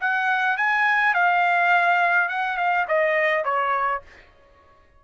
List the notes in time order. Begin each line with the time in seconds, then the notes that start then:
0.00 F#5
0.57 G#5
1.14 F5
2.28 F#5
2.57 F5
2.88 D#5
3.44 C#5